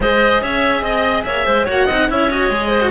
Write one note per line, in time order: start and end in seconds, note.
0.00 0.42 G#3
0.00 1.66 G#4
0.00 0.42 C5
0.00 0.42 D#5
0.42 0.82 C#4
0.42 0.82 C#5
0.42 0.83 E5
0.82 1.23 C4
0.82 1.23 D#5
1.23 1.45 A#3
1.23 1.46 C#5
1.23 1.65 E5
1.46 1.67 G#3
1.46 1.65 C5
1.65 1.88 A#3
1.65 1.86 F#4
1.65 1.86 C#5
1.65 2.11 F#5
1.86 2.09 C4
1.86 2.08 D#4
1.86 2.07 D#5
2.08 2.49 C#4
2.08 2.29 E4
2.08 2.68 C#5
2.08 2.31 E5
2.30 2.50 F#4
2.30 2.91 D#5
2.49 2.90 G#3
2.49 2.81 G#4
2.68 2.89 C5
2.81 2.91 F#4